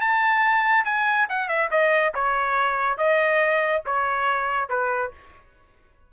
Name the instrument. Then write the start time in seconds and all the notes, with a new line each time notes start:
trumpet
0.00 A5
0.85 G#5
1.29 F#5
1.48 E5
1.70 D#5
2.14 C#5
2.97 D#5
3.85 C#5
4.69 B4